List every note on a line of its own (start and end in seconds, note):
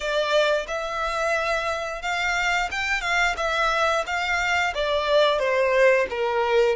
0.00 0.66 D5
0.67 2.01 E5
2.01 2.69 F5
2.71 3.01 G5
3.01 3.35 F5
3.36 4.04 E5
4.06 4.73 F5
4.74 5.39 D5
5.39 6.06 C5
6.10 6.76 A#4